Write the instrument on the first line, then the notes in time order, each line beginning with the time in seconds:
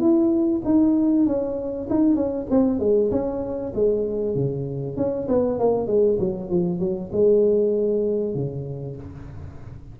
tuba
0.00 E4
0.65 D#4
1.26 C#4
1.90 D#4
2.15 C#4
2.50 C4
2.80 G#3
3.11 C#4
3.75 G#3
4.35 C#3
4.97 C#4
5.28 B3
5.59 A#3
5.87 G#3
6.20 F#3
6.50 F3
6.80 F#3
7.12 G#3
8.34 C#3